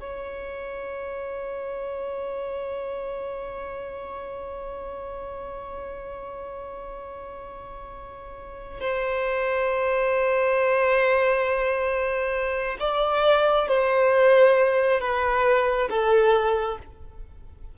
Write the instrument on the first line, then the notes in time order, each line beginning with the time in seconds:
violin
0.00 C#5
8.80 C5
12.80 D5
13.68 C5
15.00 B4
15.90 A4